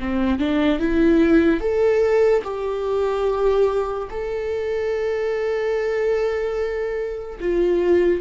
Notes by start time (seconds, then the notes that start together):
0.00 C4
0.40 D4
0.80 E4
1.61 A4
2.44 G4
4.10 A4
7.40 F4